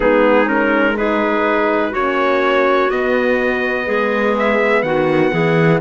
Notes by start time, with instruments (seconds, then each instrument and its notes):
0.00 cello G#3, horn B3, clarinet D#4, trumpet G#4
0.45 horn C#4, trumpet A#4
0.96 horn D#4, clarinet G#4, trumpet B4
1.91 cello A#3, horn C#4, clarinet F#4, trumpet C#5
2.90 cello B3, horn B3, trumpet D#5
3.85 cello G#3, clarinet G#4
4.39 trumpet E5
4.82 cello D#3, clarinet F#4, trumpet F#5
5.31 cello E3, clarinet G#4